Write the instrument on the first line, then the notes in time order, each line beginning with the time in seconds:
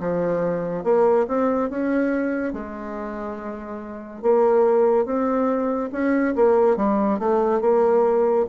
bassoon
0.00 F3
0.84 A#3
1.28 C4
1.70 C#4
2.53 G#3
4.23 A#3
5.05 C4
5.92 C#4
6.35 A#3
6.76 G3
7.19 A3
7.61 A#3